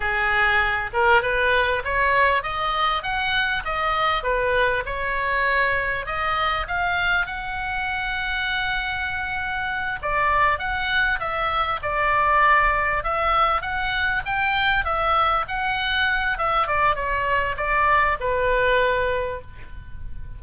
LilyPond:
\new Staff \with { instrumentName = "oboe" } { \time 4/4 \tempo 4 = 99 gis'4. ais'8 b'4 cis''4 | dis''4 fis''4 dis''4 b'4 | cis''2 dis''4 f''4 | fis''1~ |
fis''8 d''4 fis''4 e''4 d''8~ | d''4. e''4 fis''4 g''8~ | g''8 e''4 fis''4. e''8 d''8 | cis''4 d''4 b'2 | }